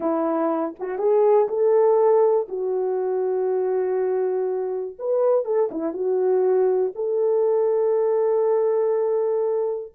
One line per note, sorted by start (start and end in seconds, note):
0.00 0.74 E4
0.79 0.98 F#4
0.98 1.47 G#4
1.48 2.47 A4
2.48 4.96 F#4
4.98 5.44 B4
5.44 5.69 A4
5.71 5.93 E4
5.93 6.92 F#4
6.95 9.92 A4